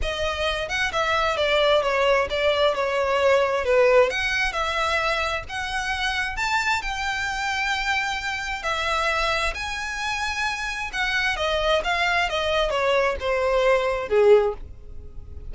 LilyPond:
\new Staff \with { instrumentName = "violin" } { \time 4/4 \tempo 4 = 132 dis''4. fis''8 e''4 d''4 | cis''4 d''4 cis''2 | b'4 fis''4 e''2 | fis''2 a''4 g''4~ |
g''2. e''4~ | e''4 gis''2. | fis''4 dis''4 f''4 dis''4 | cis''4 c''2 gis'4 | }